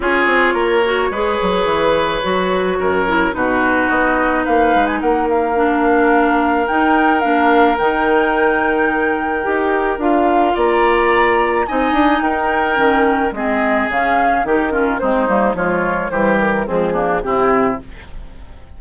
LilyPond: <<
  \new Staff \with { instrumentName = "flute" } { \time 4/4 \tempo 4 = 108 cis''1~ | cis''2 b'4 dis''4 | f''8. gis''16 fis''8 f''2~ f''8 | g''4 f''4 g''2~ |
g''2 f''4 ais''4~ | ais''4 gis''4 g''2 | dis''4 f''4 ais'4 c''4 | cis''4 c''8 ais'8 gis'4 g'4 | }
  \new Staff \with { instrumentName = "oboe" } { \time 4/4 gis'4 ais'4 b'2~ | b'4 ais'4 fis'2 | b'4 ais'2.~ | ais'1~ |
ais'2. d''4~ | d''4 dis''4 ais'2 | gis'2 g'8 f'8 dis'4 | f'4 g'4 c'8 d'8 e'4 | }
  \new Staff \with { instrumentName = "clarinet" } { \time 4/4 f'4. fis'8 gis'2 | fis'4. e'8 dis'2~ | dis'2 d'2 | dis'4 d'4 dis'2~ |
dis'4 g'4 f'2~ | f'4 dis'2 cis'4 | c'4 cis'4 dis'8 cis'8 c'8 ais8 | gis4 g4 gis8 ais8 c'4 | }
  \new Staff \with { instrumentName = "bassoon" } { \time 4/4 cis'8 c'8 ais4 gis8 fis8 e4 | fis4 fis,4 b,4 b4 | ais8 gis8 ais2. | dis'4 ais4 dis2~ |
dis4 dis'4 d'4 ais4~ | ais4 c'8 d'8 dis'4 dis4 | gis4 cis4 dis4 gis8 g8 | f4 e4 f4 c4 | }
>>